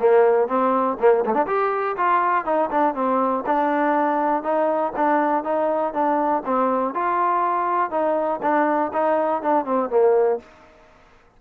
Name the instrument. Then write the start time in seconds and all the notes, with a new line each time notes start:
trombone
0.00 A#3
0.48 C4
1.00 A#3
1.26 A3
1.34 D4
1.47 G4
1.97 F4
2.45 D#4
2.71 D4
2.95 C4
3.46 D4
4.44 D#4
4.97 D4
5.44 D#4
5.94 D4
6.46 C4
6.95 F4
7.91 D#4
8.43 D4
8.93 D#4
9.43 D4
9.65 C4
9.90 A#3